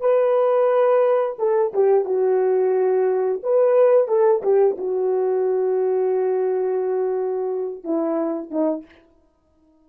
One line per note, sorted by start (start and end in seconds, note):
0.00 1.36 B4
1.39 1.73 A4
1.74 2.05 G4
2.05 3.42 F#4
3.43 4.08 B4
4.08 4.42 A4
4.43 4.77 G4
4.78 7.84 F#4
7.84 8.51 E4
8.51 8.85 D#4